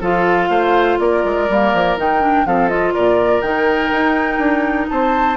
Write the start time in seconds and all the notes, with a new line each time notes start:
0.00 F3 F4 A4 F5
0.48 A3 C5
0.99 A#3 A#4 D5
1.24 G#3
1.48 G3 A#3
1.73 F3
1.97 D#3 D#4 G5
2.20 D4
2.45 F3 C4 A4 F5
2.68 F4 D#5
2.93 A#2 A#4 D5
3.41 D#3 D#4 G5
3.91 D#4
4.38 D4
4.88 C4 C5 A5